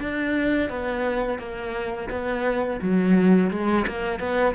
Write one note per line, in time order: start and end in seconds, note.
0.00 0.70 D4
0.70 1.39 B3
1.39 2.10 A#3
2.10 2.80 B3
2.82 3.51 F#3
3.51 3.86 G#3
3.87 4.20 A#3
4.20 4.55 B3